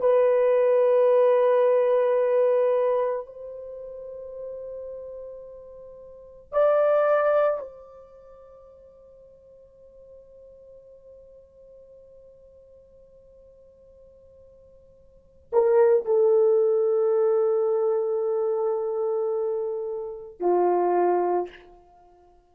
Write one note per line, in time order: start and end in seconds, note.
0.00 3.26 B4
3.26 6.52 C5
6.52 7.60 D5
7.60 15.51 C5
15.52 16.05 A#4
16.05 20.40 A4
20.40 21.49 F4